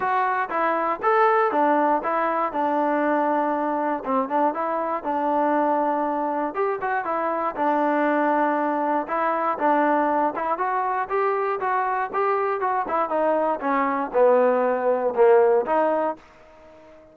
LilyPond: \new Staff \with { instrumentName = "trombone" } { \time 4/4 \tempo 4 = 119 fis'4 e'4 a'4 d'4 | e'4 d'2. | c'8 d'8 e'4 d'2~ | d'4 g'8 fis'8 e'4 d'4~ |
d'2 e'4 d'4~ | d'8 e'8 fis'4 g'4 fis'4 | g'4 fis'8 e'8 dis'4 cis'4 | b2 ais4 dis'4 | }